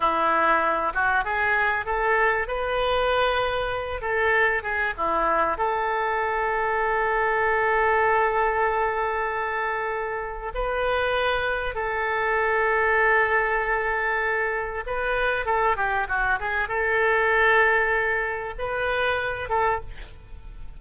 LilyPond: \new Staff \with { instrumentName = "oboe" } { \time 4/4 \tempo 4 = 97 e'4. fis'8 gis'4 a'4 | b'2~ b'8 a'4 gis'8 | e'4 a'2.~ | a'1~ |
a'4 b'2 a'4~ | a'1 | b'4 a'8 g'8 fis'8 gis'8 a'4~ | a'2 b'4. a'8 | }